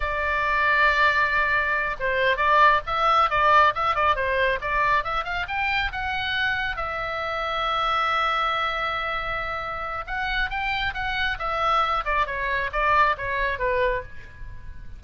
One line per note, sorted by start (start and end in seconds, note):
0.00 1.96 D5
1.99 2.36 C5
2.36 2.80 D5
2.86 3.30 E5
3.30 3.73 D5
3.74 3.95 E5
3.95 4.15 D5
4.15 4.59 C5
4.61 5.04 D5
5.04 5.24 E5
5.24 5.46 F5
5.47 5.91 G5
5.91 6.76 F#5
6.76 10.05 E5
10.06 10.49 F#5
10.49 10.93 G5
10.94 11.38 F#5
11.38 12.04 E5
12.04 12.26 D5
12.26 12.70 C#5
12.72 13.16 D5
13.17 13.58 C#5
13.58 14.02 B4